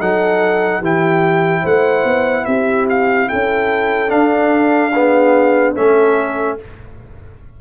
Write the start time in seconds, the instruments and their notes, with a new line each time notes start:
0.00 tuba F#3, trombone D#4, horn A4, trumpet F#5
0.79 tuba E3, trombone E4, horn G4, trumpet G5
1.62 tuba A3, horn C5, trumpet F#5
2.04 tuba B3
2.45 tuba C4, horn G4, trumpet E5
2.90 trumpet F5
3.29 tuba C#4, horn A4, trumpet G5
4.08 trombone D4, tuba D4, trumpet F5
4.93 trombone B3, horn G#4
5.74 tuba A3, trombone C#4, horn A4, trumpet E5